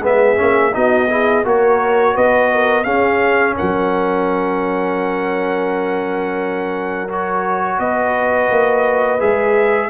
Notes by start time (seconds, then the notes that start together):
0.00 G#3 B3 E5
0.07 G#4
0.36 A#3 C#4
0.73 B3 D#4 F#4 D#5
1.09 E4 G#4
1.44 A#3 F#4 A#4 C#5
2.15 B3 B4 D#5
2.52 A#4
2.84 C#4 G#4 F5
3.56 F#3 A#4 F#5
7.09 F#4 C#5
7.79 B3 B4 D#5
8.49 A#3
9.19 G#3 G#4 E5